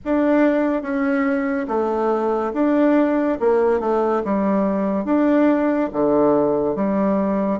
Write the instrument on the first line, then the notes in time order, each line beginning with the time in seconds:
bassoon
0.04 D4
0.82 C#4
1.67 A3
2.54 D4
3.40 A#3
3.80 A3
4.24 G3
5.05 D4
5.92 D3
6.75 G3